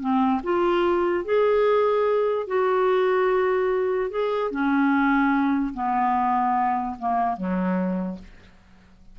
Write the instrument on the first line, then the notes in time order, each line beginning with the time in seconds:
clarinet
0.00 C4
0.43 F4
1.25 G#4
2.47 F#4
4.10 G#4
4.51 C#4
5.74 B3
6.99 A#3
7.37 F#3